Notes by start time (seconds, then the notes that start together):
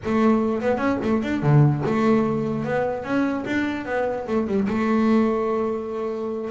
0.04 A3
0.61 B3
0.77 C#4
1.02 A3
1.22 D4
1.42 D3
1.85 A3
2.64 B3
3.04 C#4
3.46 D4
3.85 B3
4.27 A3
4.47 G3
4.68 A3